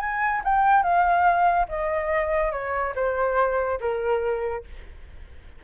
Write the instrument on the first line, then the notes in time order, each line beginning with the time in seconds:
flute
0.00 G#5
0.44 G5
0.83 F5
1.69 D#5
2.52 C#5
2.96 C5
3.80 A#4